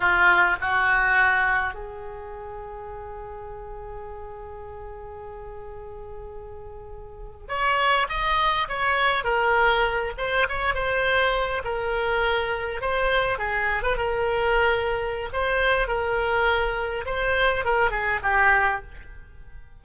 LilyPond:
\new Staff \with { instrumentName = "oboe" } { \time 4/4 \tempo 4 = 102 f'4 fis'2 gis'4~ | gis'1~ | gis'1~ | gis'8. cis''4 dis''4 cis''4 ais'16~ |
ais'4~ ais'16 c''8 cis''8 c''4. ais'16~ | ais'4.~ ais'16 c''4 gis'8. b'16 ais'16~ | ais'2 c''4 ais'4~ | ais'4 c''4 ais'8 gis'8 g'4 | }